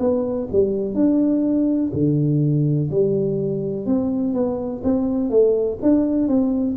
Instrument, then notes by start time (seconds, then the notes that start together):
tuba
0.00 B3
0.52 G3
0.95 D4
1.94 D3
2.91 G3
3.86 C4
4.34 B3
4.84 C4
5.30 A3
5.82 D4
6.29 C4